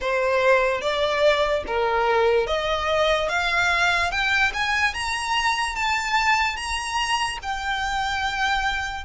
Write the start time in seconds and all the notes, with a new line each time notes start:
0.00 C5
0.81 D5
1.67 A#4
2.47 D#5
3.29 F5
4.11 G5
4.53 G#5
4.94 A#5
5.75 A5
6.56 A#5
7.42 G5